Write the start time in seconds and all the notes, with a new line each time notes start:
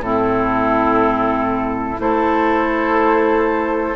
0.00 A2 C4 E4 A4
1.98 A3 E4 A4 C5